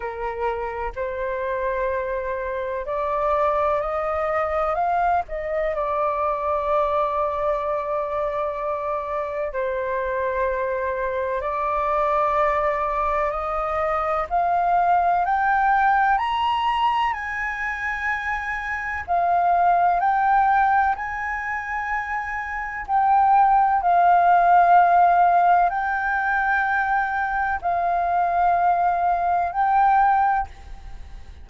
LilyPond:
\new Staff \with { instrumentName = "flute" } { \time 4/4 \tempo 4 = 63 ais'4 c''2 d''4 | dis''4 f''8 dis''8 d''2~ | d''2 c''2 | d''2 dis''4 f''4 |
g''4 ais''4 gis''2 | f''4 g''4 gis''2 | g''4 f''2 g''4~ | g''4 f''2 g''4 | }